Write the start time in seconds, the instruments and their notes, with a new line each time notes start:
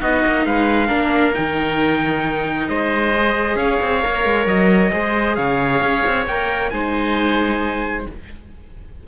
0.00 cello B3, viola D#4, oboe F#4, trumpet D#5
0.26 cello A#3
0.46 cello G#3, oboe B4, trumpet F5
0.88 cello A#3, viola D4, oboe A#4
1.34 cello D#3, viola D#4, trumpet G5
2.68 cello G#3, oboe C5, trumpet D#5
3.16 viola G#4
3.55 cello C#4, oboe C#5, trumpet F5
3.82 cello C4
4.02 cello A#3, viola A#4
4.24 cello G#3
4.46 cello F#3, trumpet D#5
4.92 cello G#3, viola G#4, oboe C5
5.35 cello C#3, oboe C#5, trumpet F5
5.82 cello C#4
6.06 cello C4
6.26 cello A#3, viola A#4, trumpet G5
6.70 cello G#3, viola D#4, oboe C5, trumpet G#5